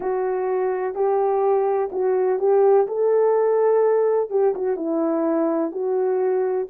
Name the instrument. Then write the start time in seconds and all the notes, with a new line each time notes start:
horn
0.00 F#4
0.94 G4
1.91 F#4
2.39 G4
2.87 A4
4.30 G4
4.55 F#4
4.76 E4
5.71 F#4